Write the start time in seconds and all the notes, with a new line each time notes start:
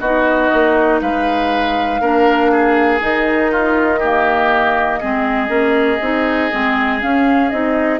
0.00 B3 D#4 F#4 D#5
0.53 A#3
1.01 G#3 B4 F5
2.01 A#3 D4 A#4
2.52 G#4
3.00 D#3 D#4 D#5
3.52 F4
4.00 A#3 G4
5.00 G#3 C4 G#4
5.47 A#3 C#4
6.01 C4 D#4
6.51 G#3 C4
7.01 C#4 F5
7.50 C4 D#4 D#5